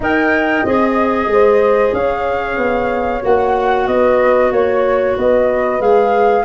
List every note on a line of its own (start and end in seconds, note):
0.00 0.64 D#4
0.00 0.66 A#4
0.00 1.30 D#5
0.00 0.66 G5
0.65 1.26 C4
0.65 3.22 G#4
0.65 1.94 D#5
1.26 1.91 G#3
1.26 1.95 C5
1.92 2.57 C#4
1.92 3.89 C#5
1.92 3.23 F5
2.57 3.21 B3
3.22 3.87 A#3
3.22 5.79 F#4
3.22 3.87 F#5
3.87 4.51 B3
3.87 4.53 B4
3.87 4.51 D#5
4.51 5.15 A#3
4.51 5.16 C#5
4.51 5.15 C#5
5.15 5.80 B3
5.15 6.44 B4
5.15 5.81 D#5
5.79 6.44 G#3
5.79 6.44 G#4
5.79 6.45 F5